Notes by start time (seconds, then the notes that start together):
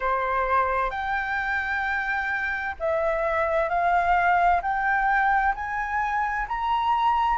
0.00 C5
0.90 G5
2.79 E5
3.69 F5
4.62 G5
5.54 G#5
6.47 A#5